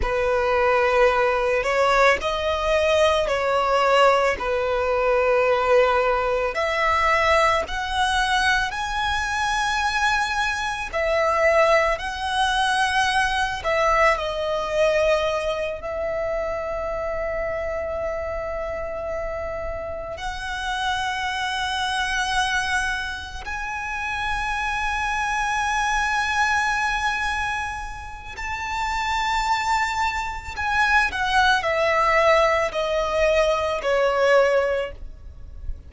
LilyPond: \new Staff \with { instrumentName = "violin" } { \time 4/4 \tempo 4 = 55 b'4. cis''8 dis''4 cis''4 | b'2 e''4 fis''4 | gis''2 e''4 fis''4~ | fis''8 e''8 dis''4. e''4.~ |
e''2~ e''8 fis''4.~ | fis''4. gis''2~ gis''8~ | gis''2 a''2 | gis''8 fis''8 e''4 dis''4 cis''4 | }